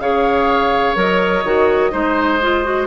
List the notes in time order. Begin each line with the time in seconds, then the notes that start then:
0.00 C#3 G#4 C#5 F5
0.96 F#3 A#4 D#5
1.44 D#3 F#4
1.91 G#3 D#4 C5
2.42 F4
2.64 F#4